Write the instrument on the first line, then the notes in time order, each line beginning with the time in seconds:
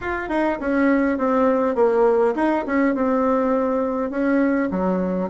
bassoon
0.00 F4
0.28 D#4
0.60 C#4
1.18 C4
1.75 A#3
2.35 D#4
2.66 C#4
2.94 C4
4.10 C#4
4.71 F#3